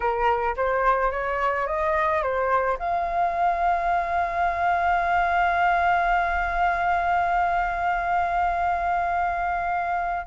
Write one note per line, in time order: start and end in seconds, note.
0.00 0.55 A#4
0.56 1.11 C5
1.11 1.66 C#5
1.67 2.22 D#5
2.22 2.78 C5
2.78 10.26 F5